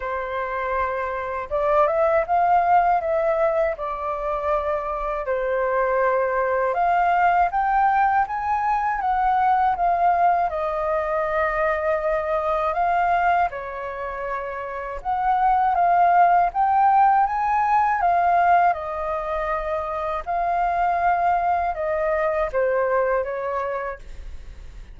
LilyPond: \new Staff \with { instrumentName = "flute" } { \time 4/4 \tempo 4 = 80 c''2 d''8 e''8 f''4 | e''4 d''2 c''4~ | c''4 f''4 g''4 gis''4 | fis''4 f''4 dis''2~ |
dis''4 f''4 cis''2 | fis''4 f''4 g''4 gis''4 | f''4 dis''2 f''4~ | f''4 dis''4 c''4 cis''4 | }